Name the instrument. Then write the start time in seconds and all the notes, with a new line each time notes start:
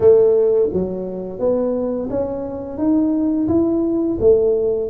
tuba
0.00 A3
0.72 F#3
1.39 B3
2.10 C#4
2.77 D#4
3.48 E4
4.20 A3